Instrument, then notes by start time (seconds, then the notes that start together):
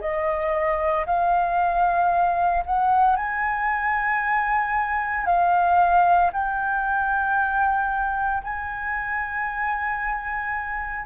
flute
0.00 D#5
1.06 F5
2.66 F#5
3.16 G#5
5.26 F5
6.32 G5
8.43 G#5